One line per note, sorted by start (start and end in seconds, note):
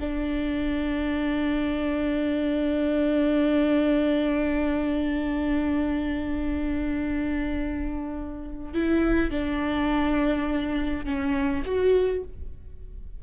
0.00 8.74 D4
8.74 9.30 E4
9.30 11.05 D4
11.05 11.63 C#4
11.65 12.23 F#4